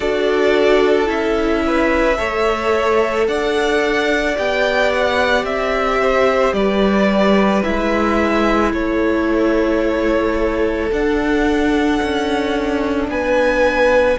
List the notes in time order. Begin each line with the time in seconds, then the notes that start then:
0.00 D4 F#4 A4 D5
1.05 C#4 E4 E5
1.66 B4
2.17 A3 A4 C#5
3.27 D4 D5 F#5
4.36 B3 G4 G5
4.93 F#5
5.42 C4 E5
6.00 C5
6.52 G3 B4 D5
7.62 G#3 E4 E5
8.72 A3 A4 C#5
10.91 D4 F#5
12.02 C#4
13.07 B3 B4 G#5